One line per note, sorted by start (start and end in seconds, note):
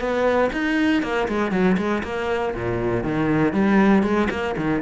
0.00 0.50 B3
0.53 1.03 D#4
1.03 1.28 A#3
1.29 1.52 G#3
1.52 1.77 F#3
1.78 2.03 G#3
2.04 2.54 A#3
2.55 3.04 A#2
3.04 3.54 D#3
3.54 4.03 G3
4.03 4.29 G#3
4.31 4.56 A#3
4.57 4.82 D#3